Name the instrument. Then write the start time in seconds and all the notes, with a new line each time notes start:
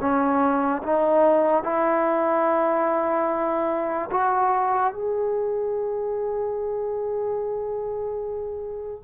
trombone
0.00 C#4
0.83 D#4
1.64 E4
4.11 F#4
4.94 G#4